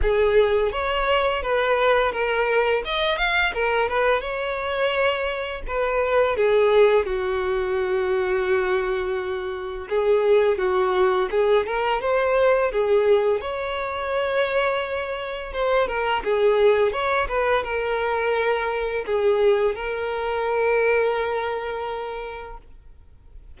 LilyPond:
\new Staff \with { instrumentName = "violin" } { \time 4/4 \tempo 4 = 85 gis'4 cis''4 b'4 ais'4 | dis''8 f''8 ais'8 b'8 cis''2 | b'4 gis'4 fis'2~ | fis'2 gis'4 fis'4 |
gis'8 ais'8 c''4 gis'4 cis''4~ | cis''2 c''8 ais'8 gis'4 | cis''8 b'8 ais'2 gis'4 | ais'1 | }